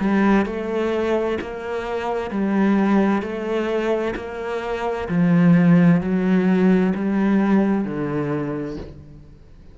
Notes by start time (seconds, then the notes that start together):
0.00 G3
0.46 A3
1.41 A#3
2.31 G3
3.22 A3
4.16 A#3
5.09 F3
6.01 F#3
6.95 G3
7.85 D3